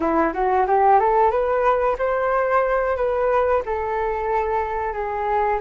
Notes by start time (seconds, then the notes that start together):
0.00 E4
0.33 F#4
0.67 G4
0.99 A4
1.30 B4
1.98 C5
2.96 B4
3.65 A4
4.93 G#4